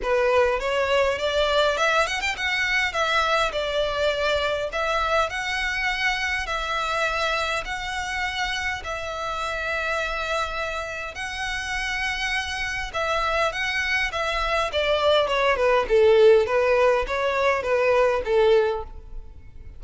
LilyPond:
\new Staff \with { instrumentName = "violin" } { \time 4/4 \tempo 4 = 102 b'4 cis''4 d''4 e''8 fis''16 g''16 | fis''4 e''4 d''2 | e''4 fis''2 e''4~ | e''4 fis''2 e''4~ |
e''2. fis''4~ | fis''2 e''4 fis''4 | e''4 d''4 cis''8 b'8 a'4 | b'4 cis''4 b'4 a'4 | }